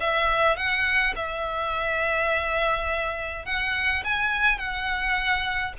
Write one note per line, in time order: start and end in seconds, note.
0.00 0.57 E5
0.57 1.14 F#5
1.16 3.46 E5
3.46 4.03 F#5
4.04 4.58 G#5
4.58 5.74 F#5